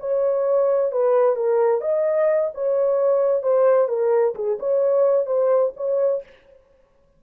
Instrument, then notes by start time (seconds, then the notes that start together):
horn
0.00 C#5
0.92 B4
1.36 A#4
1.81 D#5
2.54 C#5
3.43 C5
3.89 A#4
4.35 G#4
4.59 C#5
5.27 C5
5.77 C#5